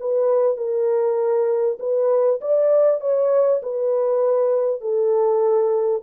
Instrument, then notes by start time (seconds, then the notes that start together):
horn
0.00 B4
0.57 A#4
1.80 B4
2.41 D5
3.01 C#5
3.63 B4
4.81 A4